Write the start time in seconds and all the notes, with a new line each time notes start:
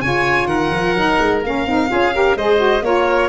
0.00 C#3 F4 C#5 G#5
0.45 D#3 A#4 F#5
0.71 F3
0.94 F#3 D#4
1.20 G#3
1.43 A#3 C#4 F5
1.66 C4 D#4
1.88 C#4 F4 G#4
2.13 G4 A#4
2.35 G#3 G#4 C5 D#5
2.56 F#4
2.82 A#3 F4 A#4 C#5